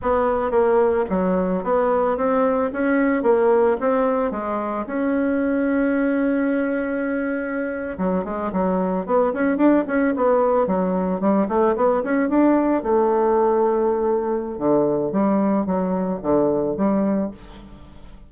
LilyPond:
\new Staff \with { instrumentName = "bassoon" } { \time 4/4 \tempo 4 = 111 b4 ais4 fis4 b4 | c'4 cis'4 ais4 c'4 | gis4 cis'2.~ | cis'2~ cis'8. fis8 gis8 fis16~ |
fis8. b8 cis'8 d'8 cis'8 b4 fis16~ | fis8. g8 a8 b8 cis'8 d'4 a16~ | a2. d4 | g4 fis4 d4 g4 | }